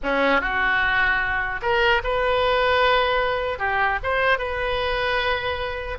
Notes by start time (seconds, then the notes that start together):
0.03 C#4
0.41 F#4
1.62 A#4
2.03 B4
3.59 G4
4.03 C5
4.38 B4